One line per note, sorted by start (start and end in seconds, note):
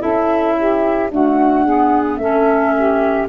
0.00 1.10 C#4
0.00 1.09 E4
0.00 0.55 A4
0.00 1.10 E5
0.58 1.11 G4
1.10 1.66 A3
1.10 2.17 D4
1.10 1.64 F#4
1.10 2.17 F#5
1.64 2.21 B3
1.64 2.18 G#4
2.17 3.26 A3
2.17 3.29 C#4
2.17 2.74 A4
2.17 3.27 E5
2.76 3.29 G4